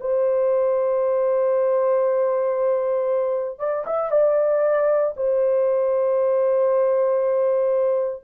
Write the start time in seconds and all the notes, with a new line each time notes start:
0.00 C5
3.59 D5
3.86 E5
4.11 D5
5.16 C5